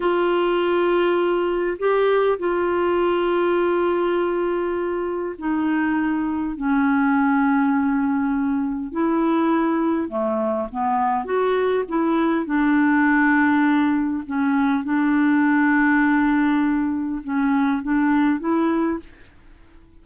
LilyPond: \new Staff \with { instrumentName = "clarinet" } { \time 4/4 \tempo 4 = 101 f'2. g'4 | f'1~ | f'4 dis'2 cis'4~ | cis'2. e'4~ |
e'4 a4 b4 fis'4 | e'4 d'2. | cis'4 d'2.~ | d'4 cis'4 d'4 e'4 | }